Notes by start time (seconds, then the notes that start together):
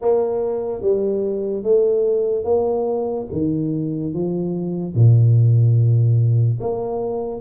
0.01 A#3
0.81 G3
1.63 A3
2.44 A#3
3.31 D#3
4.13 F3
4.94 A#2
6.60 A#3